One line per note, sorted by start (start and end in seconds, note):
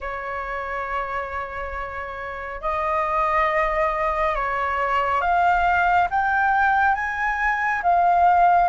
0.00 2.61 C#5
2.61 4.35 D#5
4.35 5.21 C#5
5.21 6.08 F5
6.10 6.94 G5
6.94 7.81 G#5
7.83 8.69 F5